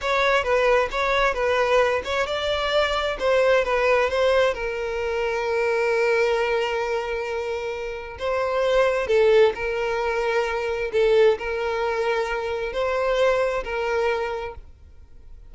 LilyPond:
\new Staff \with { instrumentName = "violin" } { \time 4/4 \tempo 4 = 132 cis''4 b'4 cis''4 b'4~ | b'8 cis''8 d''2 c''4 | b'4 c''4 ais'2~ | ais'1~ |
ais'2 c''2 | a'4 ais'2. | a'4 ais'2. | c''2 ais'2 | }